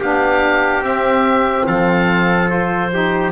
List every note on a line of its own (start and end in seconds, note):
0.00 0.81 B3
0.00 0.83 D4
0.00 1.67 G4
0.00 0.84 F5
0.81 1.64 C4
0.81 2.48 C4
0.81 1.67 E5
1.67 3.32 F3
1.67 2.93 A4
1.67 2.50 F5
2.48 2.90 F4
2.48 3.32 C5
2.93 3.32 D#4
2.93 3.32 G4